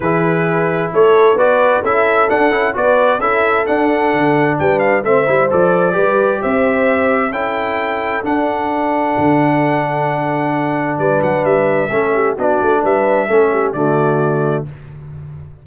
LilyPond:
<<
  \new Staff \with { instrumentName = "trumpet" } { \time 4/4 \tempo 4 = 131 b'2 cis''4 d''4 | e''4 fis''4 d''4 e''4 | fis''2 g''8 f''8 e''4 | d''2 e''2 |
g''2 fis''2~ | fis''1 | d''8 fis''8 e''2 d''4 | e''2 d''2 | }
  \new Staff \with { instrumentName = "horn" } { \time 4/4 gis'2 a'4 b'4 | a'2 b'4 a'4~ | a'2 b'4 c''4~ | c''4 b'4 c''2 |
a'1~ | a'1 | b'2 a'8 g'8 fis'4 | b'4 a'8 g'8 fis'2 | }
  \new Staff \with { instrumentName = "trombone" } { \time 4/4 e'2. fis'4 | e'4 d'8 e'8 fis'4 e'4 | d'2. c'8 e'8 | a'4 g'2. |
e'2 d'2~ | d'1~ | d'2 cis'4 d'4~ | d'4 cis'4 a2 | }
  \new Staff \with { instrumentName = "tuba" } { \time 4/4 e2 a4 b4 | cis'4 d'8 cis'8 b4 cis'4 | d'4 d4 g4 a8 g8 | f4 g4 c'2 |
cis'2 d'2 | d1 | g8 fis8 g4 a4 b8 a8 | g4 a4 d2 | }
>>